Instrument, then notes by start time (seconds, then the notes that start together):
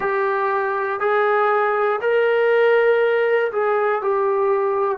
trombone
0.00 G4
1.00 G#4
2.00 A#4
3.51 G#4
4.01 G4